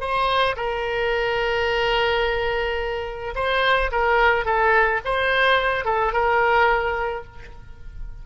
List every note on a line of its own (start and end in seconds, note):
0.00 0.56 C5
0.56 3.34 A#4
3.35 3.91 C5
3.92 4.45 A#4
4.45 5.00 A4
5.05 5.85 C5
5.85 6.12 A4
6.13 7.24 A#4